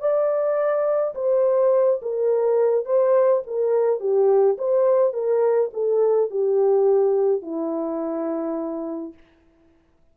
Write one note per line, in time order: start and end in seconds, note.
0.00 1.14 D5
1.15 2.01 C5
2.02 2.85 A#4
2.85 3.42 C5
3.47 4.00 A#4
4.00 4.57 G4
4.58 5.13 C5
5.13 5.70 A#4
5.74 6.31 A4
6.31 7.42 G4
7.42 9.14 E4